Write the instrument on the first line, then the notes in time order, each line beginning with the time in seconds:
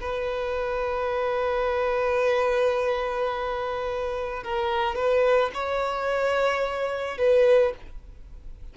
violin
0.00 B4
4.43 A#4
4.95 B4
5.54 C#5
7.18 B4